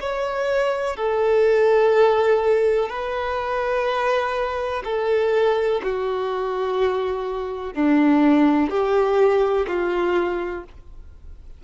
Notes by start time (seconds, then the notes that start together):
0.00 C#5
0.96 A4
2.89 B4
4.84 A4
5.82 F#4
7.73 D4
8.69 G4
9.67 F4